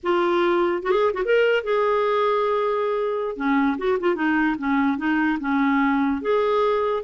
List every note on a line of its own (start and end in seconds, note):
0.03 0.83 F4
0.83 0.91 F#4
0.91 1.11 G#4
1.13 1.23 F#4
1.24 1.63 A#4
1.63 3.36 G#4
3.36 3.77 C#4
3.78 3.98 F#4
3.99 4.15 F4
4.15 4.55 D#4
4.58 4.97 C#4
4.97 5.38 D#4
5.40 6.21 C#4
6.21 7.03 G#4